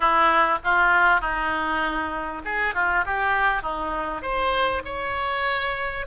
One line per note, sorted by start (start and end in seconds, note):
0.00 0.58 E4
0.64 1.20 F4
1.20 2.42 D#4
2.44 2.74 G#4
2.74 3.04 F4
3.05 3.62 G4
3.62 4.21 D#4
4.21 4.82 C5
4.84 6.06 C#5